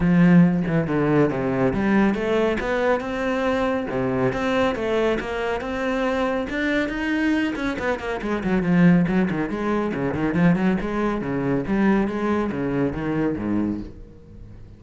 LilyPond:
\new Staff \with { instrumentName = "cello" } { \time 4/4 \tempo 4 = 139 f4. e8 d4 c4 | g4 a4 b4 c'4~ | c'4 c4 c'4 a4 | ais4 c'2 d'4 |
dis'4. cis'8 b8 ais8 gis8 fis8 | f4 fis8 dis8 gis4 cis8 dis8 | f8 fis8 gis4 cis4 g4 | gis4 cis4 dis4 gis,4 | }